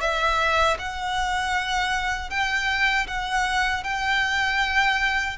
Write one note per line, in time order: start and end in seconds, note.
0.00 0.77 E5
0.78 2.30 F#5
2.30 3.07 G5
3.07 3.83 F#5
3.83 5.37 G5